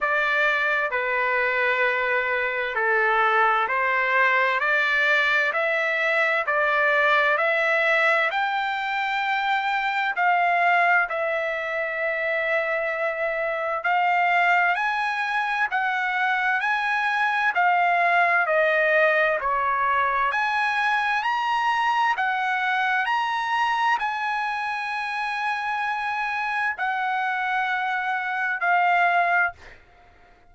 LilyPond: \new Staff \with { instrumentName = "trumpet" } { \time 4/4 \tempo 4 = 65 d''4 b'2 a'4 | c''4 d''4 e''4 d''4 | e''4 g''2 f''4 | e''2. f''4 |
gis''4 fis''4 gis''4 f''4 | dis''4 cis''4 gis''4 ais''4 | fis''4 ais''4 gis''2~ | gis''4 fis''2 f''4 | }